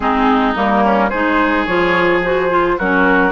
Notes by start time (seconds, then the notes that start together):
0.00 G#3 C4 D#4 G#4
0.55 G3 A#3 A#4
0.83 C#4
1.09 G#3 D#4 G#4 C5
1.65 F3 F4 C#5
2.23 F#4 C5
2.50 F4
2.78 F#3 C#4 F#4 A#4